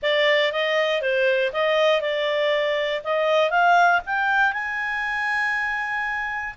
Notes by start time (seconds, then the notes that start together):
0.02 D5
0.52 D#5
1.01 C5
1.52 D#5
2.01 D5
3.04 D#5
3.50 F5
4.06 G5
4.52 G#5